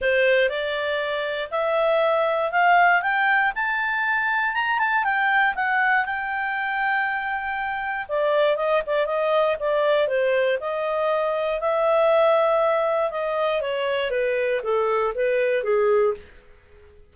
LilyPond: \new Staff \with { instrumentName = "clarinet" } { \time 4/4 \tempo 4 = 119 c''4 d''2 e''4~ | e''4 f''4 g''4 a''4~ | a''4 ais''8 a''8 g''4 fis''4 | g''1 |
d''4 dis''8 d''8 dis''4 d''4 | c''4 dis''2 e''4~ | e''2 dis''4 cis''4 | b'4 a'4 b'4 gis'4 | }